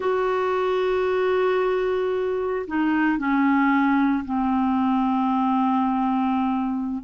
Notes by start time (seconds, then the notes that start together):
0.00 F#4
2.67 D#4
3.18 C#4
4.25 C4